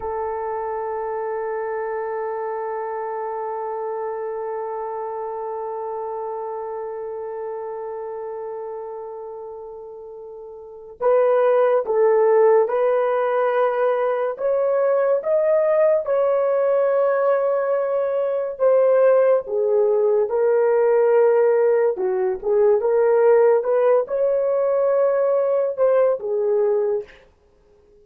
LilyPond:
\new Staff \with { instrumentName = "horn" } { \time 4/4 \tempo 4 = 71 a'1~ | a'1~ | a'1~ | a'4 b'4 a'4 b'4~ |
b'4 cis''4 dis''4 cis''4~ | cis''2 c''4 gis'4 | ais'2 fis'8 gis'8 ais'4 | b'8 cis''2 c''8 gis'4 | }